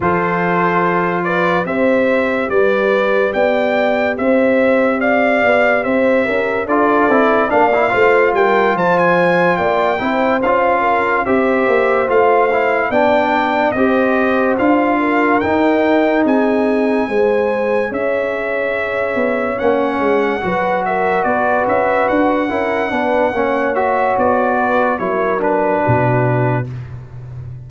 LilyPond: <<
  \new Staff \with { instrumentName = "trumpet" } { \time 4/4 \tempo 4 = 72 c''4. d''8 e''4 d''4 | g''4 e''4 f''4 e''4 | d''4 f''4 g''8 a''16 gis''8. g''8~ | g''8 f''4 e''4 f''4 g''8~ |
g''8 dis''4 f''4 g''4 gis''8~ | gis''4. e''2 fis''8~ | fis''4 e''8 d''8 e''8 fis''4.~ | fis''8 e''8 d''4 cis''8 b'4. | }
  \new Staff \with { instrumentName = "horn" } { \time 4/4 a'4. b'8 c''4 b'4 | d''4 c''4 d''4 c''8 ais'8 | a'4 d''8 c''8 ais'8 c''4 d''8 | c''4 ais'8 c''2 d''8~ |
d''8 c''4. ais'4. gis'8~ | gis'8 c''4 cis''2~ cis''8~ | cis''8 b'8 ais'8 b'4. ais'8 b'8 | cis''4. b'8 ais'4 fis'4 | }
  \new Staff \with { instrumentName = "trombone" } { \time 4/4 f'2 g'2~ | g'1 | f'8 e'8 d'16 e'16 f'2~ f'8 | e'8 f'4 g'4 f'8 e'8 d'8~ |
d'8 g'4 f'4 dis'4.~ | dis'8 gis'2. cis'8~ | cis'8 fis'2~ fis'8 e'8 d'8 | cis'8 fis'4. e'8 d'4. | }
  \new Staff \with { instrumentName = "tuba" } { \time 4/4 f2 c'4 g4 | b4 c'4. b8 c'8 cis'8 | d'8 c'8 ais8 a8 g8 f4 ais8 | c'8 cis'4 c'8 ais8 a4 b8~ |
b8 c'4 d'4 dis'4 c'8~ | c'8 gis4 cis'4. b8 ais8 | gis8 fis4 b8 cis'8 d'8 cis'8 b8 | ais4 b4 fis4 b,4 | }
>>